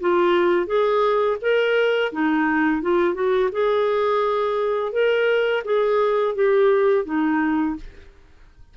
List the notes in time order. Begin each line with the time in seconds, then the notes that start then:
0.00 F4
0.66 G#4
1.41 A#4
2.12 D#4
2.81 F4
3.14 F#4
3.51 G#4
4.92 A#4
5.64 G#4
6.35 G4
7.05 D#4